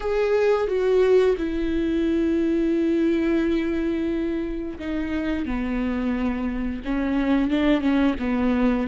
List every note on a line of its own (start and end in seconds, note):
0.00 0.67 G#4
0.67 1.35 F#4
1.37 4.78 E4
4.79 5.45 D#4
5.45 6.82 B3
6.84 7.50 C#4
7.50 7.81 D4
7.81 8.15 C#4
8.19 8.87 B3